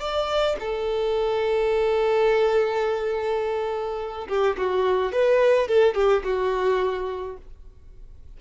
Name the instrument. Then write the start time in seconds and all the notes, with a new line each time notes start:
violin
0.00 D5
0.60 A4
4.28 G4
4.57 F#4
5.13 B4
5.68 A4
5.95 G4
6.24 F#4